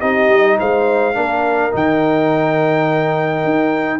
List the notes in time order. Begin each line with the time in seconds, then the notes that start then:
0.00 C4 D#4 G4 D#5
0.28 G3
0.59 G#3 C5 F5
1.14 A#3 D4 A#4
1.71 D#3 D#4 G5
3.44 D#4